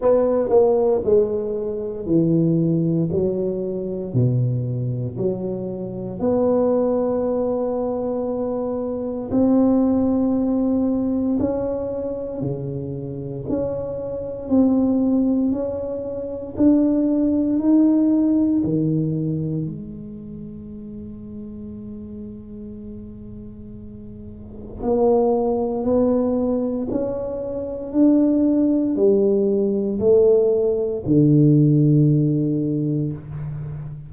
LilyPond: \new Staff \with { instrumentName = "tuba" } { \time 4/4 \tempo 4 = 58 b8 ais8 gis4 e4 fis4 | b,4 fis4 b2~ | b4 c'2 cis'4 | cis4 cis'4 c'4 cis'4 |
d'4 dis'4 dis4 gis4~ | gis1 | ais4 b4 cis'4 d'4 | g4 a4 d2 | }